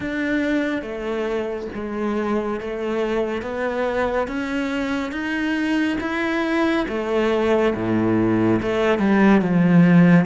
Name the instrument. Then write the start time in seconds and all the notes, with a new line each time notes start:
cello
0.00 D4
0.81 A3
1.74 G#3
2.60 A3
3.42 B3
4.27 C#4
5.12 D#4
6.00 E4
6.88 A3
7.74 A2
8.61 A3
8.98 G3
9.41 F3